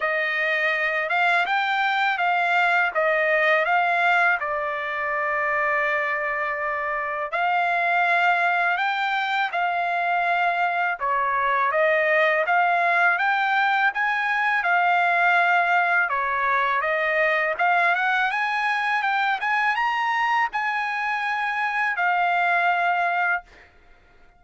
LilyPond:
\new Staff \with { instrumentName = "trumpet" } { \time 4/4 \tempo 4 = 82 dis''4. f''8 g''4 f''4 | dis''4 f''4 d''2~ | d''2 f''2 | g''4 f''2 cis''4 |
dis''4 f''4 g''4 gis''4 | f''2 cis''4 dis''4 | f''8 fis''8 gis''4 g''8 gis''8 ais''4 | gis''2 f''2 | }